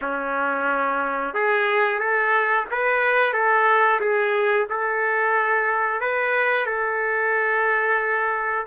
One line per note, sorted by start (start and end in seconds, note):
0.01 1.34 C#4
1.34 1.98 G#4
1.98 2.65 A4
2.71 3.33 B4
3.33 4.00 A4
4.00 4.67 G#4
4.69 6.00 A4
6.00 6.65 B4
6.65 8.65 A4